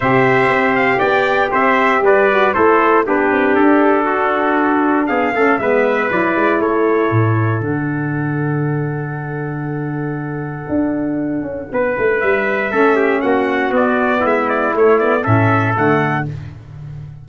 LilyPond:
<<
  \new Staff \with { instrumentName = "trumpet" } { \time 4/4 \tempo 4 = 118 e''4. f''8 g''4 e''4 | d''4 c''4 b'4 a'4~ | a'2 f''4 e''4 | d''4 cis''2 fis''4~ |
fis''1~ | fis''1 | e''2 fis''4 d''4 | e''8 d''8 cis''8 d''8 e''4 fis''4 | }
  \new Staff \with { instrumentName = "trumpet" } { \time 4/4 c''2 d''4 c''4 | b'4 a'4 g'2 | fis'2 gis'8 a'8 b'4~ | b'4 a'2.~ |
a'1~ | a'2. b'4~ | b'4 a'8 g'8 fis'2 | e'2 a'2 | }
  \new Staff \with { instrumentName = "saxophone" } { \time 4/4 g'1~ | g'8 fis'8 e'4 d'2~ | d'2~ d'8 cis'8 b4 | e'2. d'4~ |
d'1~ | d'1~ | d'4 cis'2 b4~ | b4 a8 b8 cis'4 a4 | }
  \new Staff \with { instrumentName = "tuba" } { \time 4/4 c4 c'4 b4 c'4 | g4 a4 b8 c'8 d'4~ | d'2 b8 a8 gis4 | fis8 gis8 a4 a,4 d4~ |
d1~ | d4 d'4. cis'8 b8 a8 | g4 a4 ais4 b4 | gis4 a4 a,4 d4 | }
>>